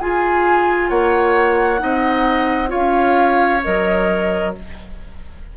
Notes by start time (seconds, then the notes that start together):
0.00 F4 G#4 G#5
0.89 A#3 C#5 F#5
1.78 C4 D#4 D#5
2.68 F4 C#5 F5
2.75 C#4
3.63 F#3 A#4 D#5